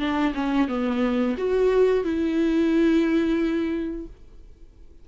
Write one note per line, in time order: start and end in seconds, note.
0.00 0.34 D4
0.35 0.68 C#4
0.68 1.36 B3
1.38 2.04 F#4
2.04 4.06 E4